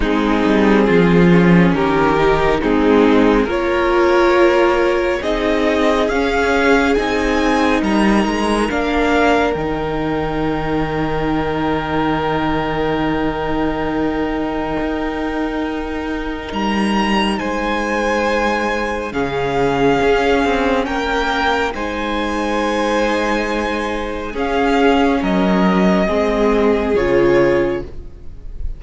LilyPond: <<
  \new Staff \with { instrumentName = "violin" } { \time 4/4 \tempo 4 = 69 gis'2 ais'4 gis'4 | cis''2 dis''4 f''4 | gis''4 ais''4 f''4 g''4~ | g''1~ |
g''2. ais''4 | gis''2 f''2 | g''4 gis''2. | f''4 dis''2 cis''4 | }
  \new Staff \with { instrumentName = "violin" } { \time 4/4 dis'4 f'4 g'4 dis'4 | ais'2 gis'2~ | gis'4 ais'2.~ | ais'1~ |
ais'1 | c''2 gis'2 | ais'4 c''2. | gis'4 ais'4 gis'2 | }
  \new Staff \with { instrumentName = "viola" } { \time 4/4 c'4. cis'4 dis'8 c'4 | f'2 dis'4 cis'4 | dis'2 d'4 dis'4~ | dis'1~ |
dis'1~ | dis'2 cis'2~ | cis'4 dis'2. | cis'2 c'4 f'4 | }
  \new Staff \with { instrumentName = "cello" } { \time 4/4 gis8 g8 f4 dis4 gis4 | ais2 c'4 cis'4 | c'4 g8 gis8 ais4 dis4~ | dis1~ |
dis4 dis'2 g4 | gis2 cis4 cis'8 c'8 | ais4 gis2. | cis'4 fis4 gis4 cis4 | }
>>